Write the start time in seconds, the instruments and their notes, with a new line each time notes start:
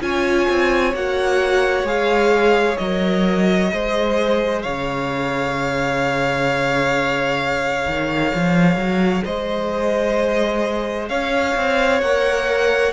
0.00 cello C#4, viola F4, violin C#5 G#5
0.48 cello C4
0.93 cello A#3, viola F#4, violin F#5
1.83 cello G#3, viola G#4, violin F5
2.77 cello F#3, viola A#4, violin D#5
3.69 cello G#3, viola G#4, violin C5
4.62 cello C#3, violin C#5 F5
7.86 cello D#3
8.34 cello F3
8.76 cello F#3
9.24 cello G#3, violin C5 D#5
11.08 cello C#4, violin C#5 F5
11.55 cello C4
12.01 cello A#3, viola A#4, violin F#5